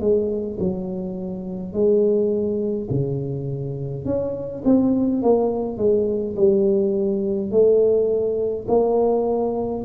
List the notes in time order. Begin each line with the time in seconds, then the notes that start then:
0.00 G#3
0.59 F#3
1.73 G#3
2.91 C#3
4.05 C#4
4.65 C4
5.22 A#3
5.77 G#3
6.36 G3
7.51 A3
8.68 A#3